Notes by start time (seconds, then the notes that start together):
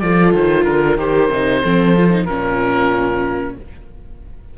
0.00 F3 F4 A4 D5
0.33 D#3 C5
0.64 D3 A#4
0.97 D#3 G4 C5
1.29 C3 D#4
1.61 F3 C4 A4
1.97 F4
2.10 D#4
2.25 A#2 C#4 F4 A#4